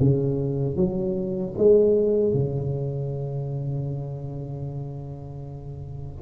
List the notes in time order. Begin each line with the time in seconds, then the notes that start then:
0.00 C#3
0.76 F#3
1.58 G#3
2.33 C#3